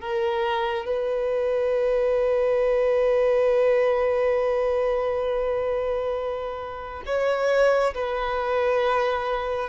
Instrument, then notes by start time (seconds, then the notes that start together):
violin
0.00 A#4
0.85 B4
7.05 C#5
7.94 B4